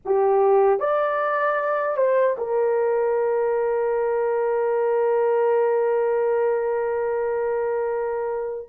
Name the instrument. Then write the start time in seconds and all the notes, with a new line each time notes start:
horn
0.05 G4
0.79 D5
1.97 C5
2.37 A#4